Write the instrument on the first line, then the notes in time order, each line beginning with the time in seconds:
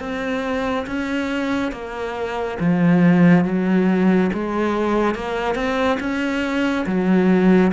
cello
0.00 C4
0.87 C#4
1.72 A#3
2.60 F3
3.45 F#3
4.33 G#3
5.15 A#3
5.55 C4
6.00 C#4
6.86 F#3